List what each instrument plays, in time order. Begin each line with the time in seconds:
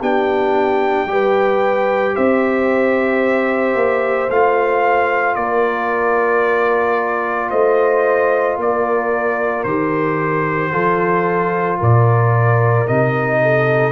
0.00 tuba B3, trombone D4, horn G4, trumpet G5
1.06 tuba G3, trombone G4, horn B4
2.14 tuba C4, horn C5, trumpet E5
3.75 tuba A#3
4.29 tuba A3, trombone F4, trumpet F5
5.35 tuba A#3, horn A#4, trumpet D5
7.50 tuba A3, horn C5, trumpet D#5
8.56 tuba A#3, horn A#4, trumpet D5
9.64 tuba D#3, trombone G4, trumpet C5
10.72 tuba F3, trombone F4, horn A4
11.78 tuba A#2, horn A#4, trumpet D5
12.87 tuba C3, trombone D#4, trumpet D#5
13.42 horn A4